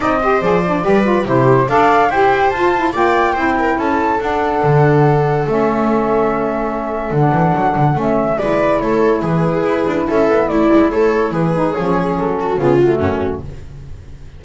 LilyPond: <<
  \new Staff \with { instrumentName = "flute" } { \time 4/4 \tempo 4 = 143 dis''4 d''2 c''4 | f''4 g''4 a''4 g''4~ | g''4 a''4 fis''2~ | fis''4 e''2.~ |
e''4 fis''2 e''4 | d''4 cis''4 b'2 | e''4 d''4 cis''4 b'4 | cis''4 a'4 gis'8 fis'4. | }
  \new Staff \with { instrumentName = "viola" } { \time 4/4 d''8 c''4. b'4 g'4 | d''4 c''2 d''4 | c''8 ais'8 a'2.~ | a'1~ |
a'1 | b'4 a'4 gis'2 | a'4 e'4 a'4 gis'4~ | gis'4. fis'8 f'4 cis'4 | }
  \new Staff \with { instrumentName = "saxophone" } { \time 4/4 dis'8 g'8 gis'8 d'8 g'8 f'8 e'4 | a'4 g'4 f'8 e'8 f'4 | e'2 d'2~ | d'4 cis'2.~ |
cis'4 d'2 cis'4 | e'1~ | e'2.~ e'8 dis'8 | cis'2 b8 a4. | }
  \new Staff \with { instrumentName = "double bass" } { \time 4/4 c'4 f4 g4 c4 | d'4 e'4 f'4 ais4 | c'4 cis'4 d'4 d4~ | d4 a2.~ |
a4 d8 e8 fis8 d8 a4 | gis4 a4 e4 e'8 d'8 | cis'8 b8 a8 gis8 a4 e4 | f4 fis4 cis4 fis,4 | }
>>